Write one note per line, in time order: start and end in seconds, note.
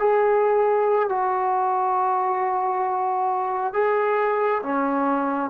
0.00 1.09 G#4
1.09 3.74 F#4
3.74 4.62 G#4
4.63 5.51 C#4